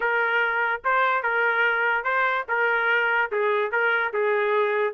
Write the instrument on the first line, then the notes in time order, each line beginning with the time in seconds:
trumpet
0.00 A#4
0.84 C5
1.22 A#4
2.04 C5
2.48 A#4
3.31 G#4
3.71 A#4
4.13 G#4